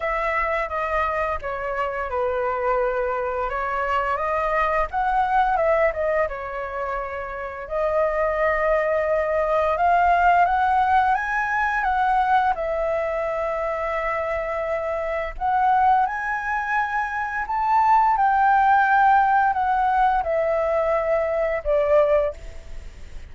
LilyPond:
\new Staff \with { instrumentName = "flute" } { \time 4/4 \tempo 4 = 86 e''4 dis''4 cis''4 b'4~ | b'4 cis''4 dis''4 fis''4 | e''8 dis''8 cis''2 dis''4~ | dis''2 f''4 fis''4 |
gis''4 fis''4 e''2~ | e''2 fis''4 gis''4~ | gis''4 a''4 g''2 | fis''4 e''2 d''4 | }